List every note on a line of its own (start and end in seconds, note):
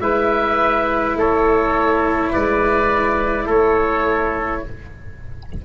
0.00 1.15 G#3
0.00 4.63 E4
0.00 1.18 B4
0.00 1.16 E5
1.15 2.31 A3
1.15 2.31 A4
1.15 2.33 C#5
2.31 3.47 G#3
2.31 3.46 B4
2.31 3.49 D5
3.46 4.62 A3
3.46 4.62 A4
3.46 4.65 C#5